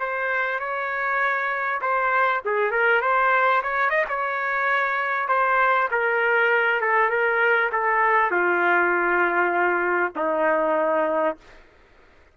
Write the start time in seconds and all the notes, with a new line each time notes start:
0.00 C5
0.60 C#5
1.82 C5
2.45 G#4
2.71 A#4
3.02 C5
3.63 C#5
3.90 D#5
4.09 C#5
5.28 C5
5.91 A#4
6.81 A4
7.10 A#4
7.72 A4
8.31 F4
10.16 D#4